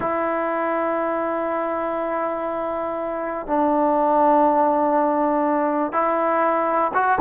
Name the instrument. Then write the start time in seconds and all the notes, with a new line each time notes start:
trombone
0.00 E4
3.46 D4
5.92 E4
6.94 F#4